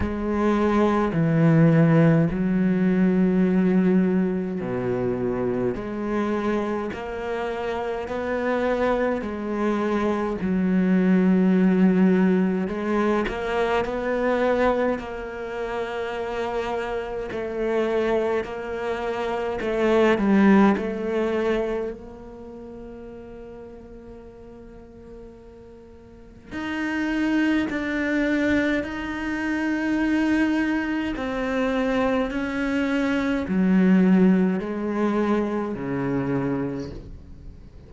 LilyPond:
\new Staff \with { instrumentName = "cello" } { \time 4/4 \tempo 4 = 52 gis4 e4 fis2 | b,4 gis4 ais4 b4 | gis4 fis2 gis8 ais8 | b4 ais2 a4 |
ais4 a8 g8 a4 ais4~ | ais2. dis'4 | d'4 dis'2 c'4 | cis'4 fis4 gis4 cis4 | }